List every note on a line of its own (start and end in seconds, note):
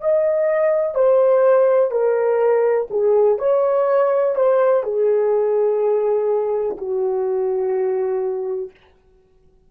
0.00 0.95 D#5
0.95 1.91 C5
1.91 2.88 A#4
2.90 3.38 G#4
3.38 4.35 C#5
4.35 4.83 C5
4.83 6.77 G#4
6.77 8.71 F#4